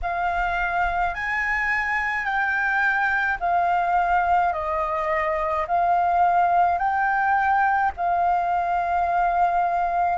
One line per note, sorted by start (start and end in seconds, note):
0.02 1.14 F5
1.14 2.24 G#5
2.24 3.38 G5
3.40 4.52 F5
4.52 5.66 D#5
5.67 6.78 F5
6.78 7.91 G5
7.96 10.17 F5